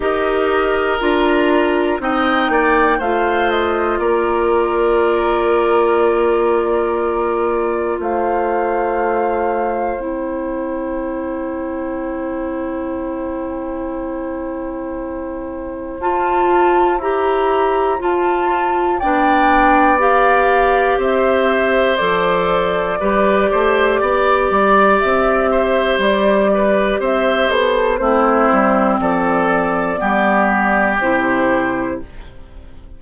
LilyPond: <<
  \new Staff \with { instrumentName = "flute" } { \time 4/4 \tempo 4 = 60 dis''4 ais''4 g''4 f''8 dis''8 | d''1 | f''2 g''2~ | g''1 |
a''4 ais''4 a''4 g''4 | f''4 e''4 d''2~ | d''4 e''4 d''4 e''8 a'8 | c''4 d''2 c''4 | }
  \new Staff \with { instrumentName = "oboe" } { \time 4/4 ais'2 dis''8 d''8 c''4 | ais'1 | c''1~ | c''1~ |
c''2. d''4~ | d''4 c''2 b'8 c''8 | d''4. c''4 b'8 c''4 | e'4 a'4 g'2 | }
  \new Staff \with { instrumentName = "clarinet" } { \time 4/4 g'4 f'4 dis'4 f'4~ | f'1~ | f'2 e'2~ | e'1 |
f'4 g'4 f'4 d'4 | g'2 a'4 g'4~ | g'1 | c'2 b4 e'4 | }
  \new Staff \with { instrumentName = "bassoon" } { \time 4/4 dis'4 d'4 c'8 ais8 a4 | ais1 | a2 c'2~ | c'1 |
f'4 e'4 f'4 b4~ | b4 c'4 f4 g8 a8 | b8 g8 c'4 g4 c'8 b8 | a8 g8 f4 g4 c4 | }
>>